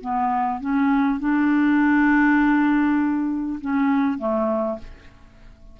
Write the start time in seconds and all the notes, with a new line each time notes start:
0.00 B3
0.60 C#4
1.19 D4
3.60 C#4
4.18 A3